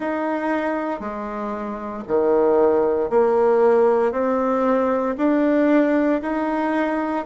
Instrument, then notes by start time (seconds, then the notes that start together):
bassoon
0.00 D#4
1.00 G#3
2.07 D#3
3.10 A#3
4.11 C4
5.17 D4
6.22 D#4